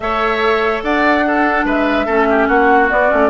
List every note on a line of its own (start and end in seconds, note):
0.00 0.81 A3
0.00 1.25 A4
0.00 0.83 C#5
0.00 0.82 E5
0.83 1.64 D4
0.83 1.25 D5
0.83 1.66 F#5
1.25 2.07 D4
1.25 1.65 A4
1.64 2.06 G#3
1.64 2.06 B4
1.64 2.48 E5
2.06 2.48 A3
2.06 2.89 C#4
2.06 2.26 A4
2.29 2.47 G4
2.47 2.89 A#3
2.47 3.29 F#4
2.47 2.89 F#5
2.89 3.09 B3
2.89 3.12 B3
2.89 3.29 D5
3.09 3.29 A3
3.09 3.29 C#4